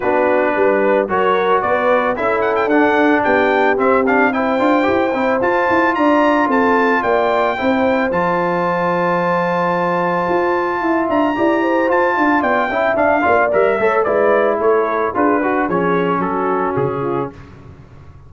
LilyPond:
<<
  \new Staff \with { instrumentName = "trumpet" } { \time 4/4 \tempo 4 = 111 b'2 cis''4 d''4 | e''8 fis''16 g''16 fis''4 g''4 e''8 f''8 | g''2 a''4 ais''4 | a''4 g''2 a''4~ |
a''1~ | a''8 ais''4. a''4 g''4 | f''4 e''4 d''4 cis''4 | b'4 cis''4 a'4 gis'4 | }
  \new Staff \with { instrumentName = "horn" } { \time 4/4 fis'4 b'4 ais'4 b'4 | a'2 g'2 | c''2. d''4 | a'4 d''4 c''2~ |
c''1 | e''4 d''8 c''4 f''8 d''8 e''8~ | e''8 d''4 cis''8 b'4 a'4 | gis'8 fis'8 gis'4 fis'4. f'8 | }
  \new Staff \with { instrumentName = "trombone" } { \time 4/4 d'2 fis'2 | e'4 d'2 c'8 d'8 | e'8 f'8 g'8 e'8 f'2~ | f'2 e'4 f'4~ |
f'1~ | f'4 g'4 f'4. e'8 | d'8 f'8 ais'8 a'8 e'2 | f'8 fis'8 cis'2. | }
  \new Staff \with { instrumentName = "tuba" } { \time 4/4 b4 g4 fis4 b4 | cis'4 d'4 b4 c'4~ | c'8 d'8 e'8 c'8 f'8 e'8 d'4 | c'4 ais4 c'4 f4~ |
f2. f'4 | e'8 d'8 e'4 f'8 d'8 b8 cis'8 | d'8 ais8 g8 a8 gis4 a4 | d'4 f4 fis4 cis4 | }
>>